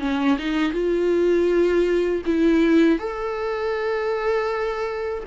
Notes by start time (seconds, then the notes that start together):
0.00 C#4
0.39 D#4
0.72 F4
2.26 E4
2.99 A4